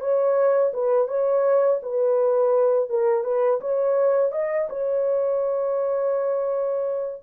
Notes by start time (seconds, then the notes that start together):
0.00 C#5
0.74 B4
1.08 C#5
1.83 B4
2.89 A#4
3.24 B4
3.61 C#5
4.32 D#5
4.69 C#5